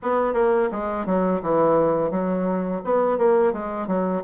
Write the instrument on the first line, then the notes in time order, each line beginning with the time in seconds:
bassoon
0.02 B3
0.33 A#3
0.71 G#3
1.06 F#3
1.41 E3
2.10 F#3
2.84 B3
3.18 A#3
3.53 G#3
3.87 F#3